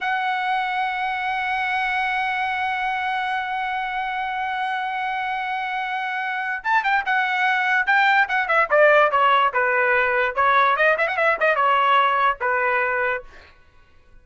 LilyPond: \new Staff \with { instrumentName = "trumpet" } { \time 4/4 \tempo 4 = 145 fis''1~ | fis''1~ | fis''1~ | fis''1 |
a''8 g''8 fis''2 g''4 | fis''8 e''8 d''4 cis''4 b'4~ | b'4 cis''4 dis''8 e''16 fis''16 e''8 dis''8 | cis''2 b'2 | }